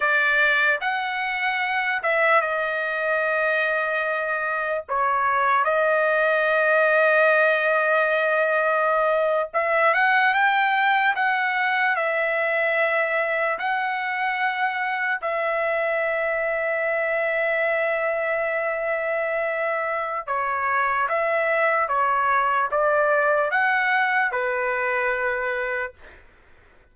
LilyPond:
\new Staff \with { instrumentName = "trumpet" } { \time 4/4 \tempo 4 = 74 d''4 fis''4. e''8 dis''4~ | dis''2 cis''4 dis''4~ | dis''2.~ dis''8. e''16~ | e''16 fis''8 g''4 fis''4 e''4~ e''16~ |
e''8. fis''2 e''4~ e''16~ | e''1~ | e''4 cis''4 e''4 cis''4 | d''4 fis''4 b'2 | }